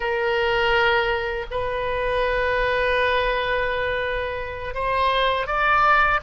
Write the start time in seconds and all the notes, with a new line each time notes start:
0.00 A#4
1.50 B4
4.74 C5
5.46 D5